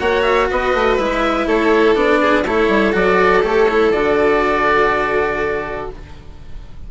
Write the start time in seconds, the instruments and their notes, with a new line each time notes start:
0.00 bassoon A#3, cello F#4, violin C#5, oboe F#5
0.23 oboe E5
0.50 bassoon B3, violin B4, oboe D#5
0.74 bassoon A3
0.97 bassoon G#3, cello E4, oboe E5
1.47 bassoon A3, violin A4, oboe C#5
1.95 bassoon B3, cello D4, oboe D5
2.21 violin G#4
2.46 bassoon A3, cello E4, violin A4, oboe C#5
2.69 bassoon G3
2.93 bassoon F#3, cello F#4, oboe D5
3.43 bassoon A3, cello G4, oboe C#5
3.69 cello E4
3.92 bassoon D3, cello F#4, oboe D5